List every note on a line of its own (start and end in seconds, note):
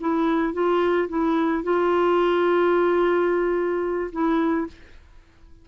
0.00 0.53 E4
0.53 1.08 F4
1.09 1.63 E4
1.63 4.11 F4
4.12 4.67 E4